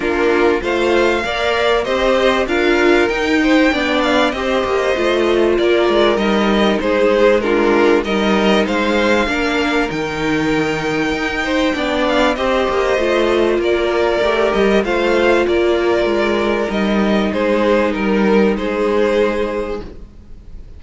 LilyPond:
<<
  \new Staff \with { instrumentName = "violin" } { \time 4/4 \tempo 4 = 97 ais'4 f''2 dis''4 | f''4 g''4. f''8 dis''4~ | dis''4 d''4 dis''4 c''4 | ais'4 dis''4 f''2 |
g''2.~ g''8 f''8 | dis''2 d''4. dis''8 | f''4 d''2 dis''4 | c''4 ais'4 c''2 | }
  \new Staff \with { instrumentName = "violin" } { \time 4/4 f'4 c''4 d''4 c''4 | ais'4. c''8 d''4 c''4~ | c''4 ais'2 gis'4 | f'4 ais'4 c''4 ais'4~ |
ais'2~ ais'8 c''8 d''4 | c''2 ais'2 | c''4 ais'2. | gis'4 ais'4 gis'2 | }
  \new Staff \with { instrumentName = "viola" } { \time 4/4 d'4 f'4 ais'4 g'4 | f'4 dis'4 d'4 g'4 | f'2 dis'2 | d'4 dis'2 d'4 |
dis'2. d'4 | g'4 f'2 g'4 | f'2. dis'4~ | dis'1 | }
  \new Staff \with { instrumentName = "cello" } { \time 4/4 ais4 a4 ais4 c'4 | d'4 dis'4 b4 c'8 ais8 | a4 ais8 gis8 g4 gis4~ | gis4 g4 gis4 ais4 |
dis2 dis'4 b4 | c'8 ais8 a4 ais4 a8 g8 | a4 ais4 gis4 g4 | gis4 g4 gis2 | }
>>